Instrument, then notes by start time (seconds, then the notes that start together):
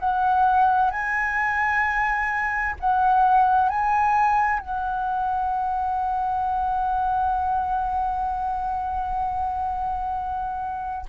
flute
0.00 F#5
0.91 G#5
2.80 F#5
3.70 G#5
4.60 F#5